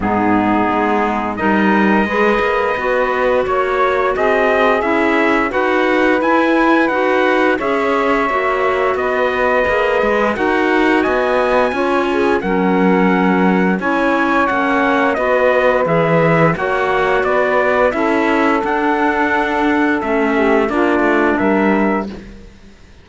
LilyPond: <<
  \new Staff \with { instrumentName = "trumpet" } { \time 4/4 \tempo 4 = 87 gis'2 dis''2~ | dis''4 cis''4 dis''4 e''4 | fis''4 gis''4 fis''4 e''4~ | e''4 dis''2 fis''4 |
gis''2 fis''2 | gis''4 fis''4 dis''4 e''4 | fis''4 d''4 e''4 fis''4~ | fis''4 e''4 d''4 e''4 | }
  \new Staff \with { instrumentName = "saxophone" } { \time 4/4 dis'2 ais'4 b'4~ | b'4 cis''4 gis'2 | b'2. cis''4~ | cis''4 b'2 ais'4 |
dis''4 cis''8 gis'8 ais'2 | cis''2 b'2 | cis''4 b'4 a'2~ | a'4. g'8 f'4 ais'4 | }
  \new Staff \with { instrumentName = "clarinet" } { \time 4/4 b2 dis'4 gis'4 | fis'2. e'4 | fis'4 e'4 fis'4 gis'4 | fis'2 gis'4 fis'4~ |
fis'4 f'4 cis'2 | e'4 cis'4 fis'4 gis'4 | fis'2 e'4 d'4~ | d'4 cis'4 d'2 | }
  \new Staff \with { instrumentName = "cello" } { \time 4/4 gis,4 gis4 g4 gis8 ais8 | b4 ais4 c'4 cis'4 | dis'4 e'4 dis'4 cis'4 | ais4 b4 ais8 gis8 dis'4 |
b4 cis'4 fis2 | cis'4 ais4 b4 e4 | ais4 b4 cis'4 d'4~ | d'4 a4 ais8 a8 g4 | }
>>